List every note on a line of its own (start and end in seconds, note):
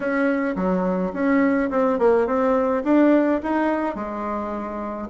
0.00 0.55 C#4
0.55 1.12 F#3
1.13 1.70 C#4
1.70 1.98 C4
1.98 2.26 A#3
2.26 2.83 C4
2.84 3.40 D4
3.42 3.95 D#4
3.95 5.08 G#3